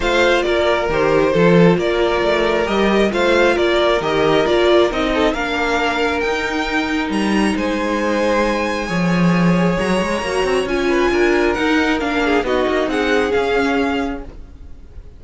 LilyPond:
<<
  \new Staff \with { instrumentName = "violin" } { \time 4/4 \tempo 4 = 135 f''4 d''4 c''2 | d''2 dis''4 f''4 | d''4 dis''4 d''4 dis''4 | f''2 g''2 |
ais''4 gis''2.~ | gis''2 ais''2 | gis''2 fis''4 f''4 | dis''4 fis''4 f''2 | }
  \new Staff \with { instrumentName = "violin" } { \time 4/4 c''4 ais'2 a'4 | ais'2. c''4 | ais'2.~ ais'8 a'8 | ais'1~ |
ais'4 c''2. | cis''1~ | cis''8 b'8 ais'2~ ais'8 gis'8 | fis'4 gis'2. | }
  \new Staff \with { instrumentName = "viola" } { \time 4/4 f'2 g'4 f'4~ | f'2 g'4 f'4~ | f'4 g'4 f'4 dis'4 | d'2 dis'2~ |
dis'1 | gis'2. fis'4 | f'2 dis'4 d'4 | dis'2 cis'2 | }
  \new Staff \with { instrumentName = "cello" } { \time 4/4 a4 ais4 dis4 f4 | ais4 a4 g4 a4 | ais4 dis4 ais4 c'4 | ais2 dis'2 |
g4 gis2. | f2 fis8 gis8 ais8 c'8 | cis'4 d'4 dis'4 ais4 | b8 ais8 c'4 cis'2 | }
>>